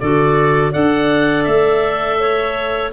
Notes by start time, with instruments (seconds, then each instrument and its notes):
0.00 tuba D3, clarinet F#4 A4, oboe D5
0.71 tuba D4, clarinet A4 D5, oboe F#5
1.44 tuba A3, oboe E5
2.19 clarinet C#5